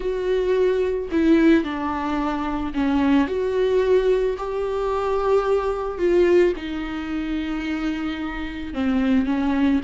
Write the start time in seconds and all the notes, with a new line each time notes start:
0.00 F#4
1.11 E4
1.64 D4
2.74 C#4
3.27 F#4
4.37 G4
5.98 F4
6.56 D#4
8.73 C4
9.26 C#4